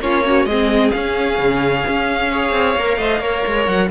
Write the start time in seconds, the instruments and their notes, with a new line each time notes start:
0.00 cello A#3, viola C#4, violin F4 C#5
0.25 violin C#4, viola F#4
0.45 cello G#3, viola C4, violin G#4 D#5
0.91 viola C#4, cello C#4, violin F5
1.39 cello C#3
1.88 cello C#4
2.32 viola G#4, violin C#5
2.53 cello C4
2.75 cello A#3, viola A#4
2.98 cello A3, viola C5, violin D#5
3.20 cello A#3, viola A#4, violin C#5
3.47 cello G#3
3.66 cello F#3, violin F#5